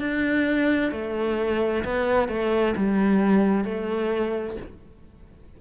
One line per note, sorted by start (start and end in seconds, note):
0.00 0.92 D4
0.92 1.84 A3
1.85 2.29 B3
2.29 2.75 A3
2.77 3.65 G3
3.65 4.57 A3